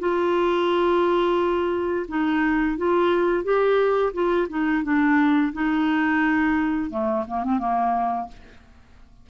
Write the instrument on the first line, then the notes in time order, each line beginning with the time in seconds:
clarinet
0.00 F4
2.09 D#4
2.78 F4
3.44 G4
4.14 F4
4.50 D#4
4.84 D4
5.54 D#4
6.91 A3
7.28 A#3
7.44 C4
7.59 A#3